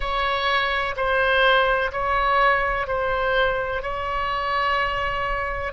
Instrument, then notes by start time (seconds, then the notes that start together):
oboe
0.00 C#5
0.96 C5
1.91 C#5
2.87 C5
3.82 C#5